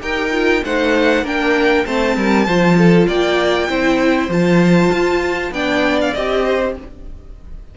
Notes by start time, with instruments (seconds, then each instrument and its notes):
0.00 cello D#4, viola G4, violin A#4 G5
0.32 viola F4
0.65 cello A3, viola D#4, violin C5 F#5
1.23 cello A#3, viola D4, violin A#4 G5
1.86 cello A3, viola C4, violin C5 A5
2.17 cello G3, violin A#4
2.46 cello F3, viola F4, violin C5
2.78 violin A4
3.08 cello A#3, violin D5 G5
3.69 cello C4, viola E4, violin C5
4.28 cello F3, viola F4, violin A5
4.92 cello F4
5.52 cello B3, viola D4, violin D5 G5
6.01 violin F5
6.14 cello C4, viola G4, violin D#5
6.44 violin C5